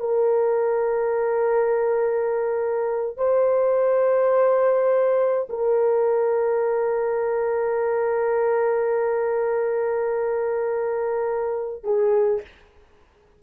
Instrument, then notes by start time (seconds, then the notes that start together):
horn
0.00 A#4
3.17 C5
5.50 A#4
11.84 G#4